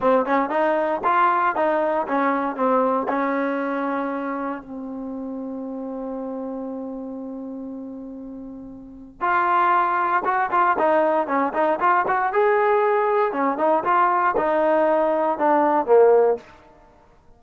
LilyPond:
\new Staff \with { instrumentName = "trombone" } { \time 4/4 \tempo 4 = 117 c'8 cis'8 dis'4 f'4 dis'4 | cis'4 c'4 cis'2~ | cis'4 c'2.~ | c'1~ |
c'2 f'2 | fis'8 f'8 dis'4 cis'8 dis'8 f'8 fis'8 | gis'2 cis'8 dis'8 f'4 | dis'2 d'4 ais4 | }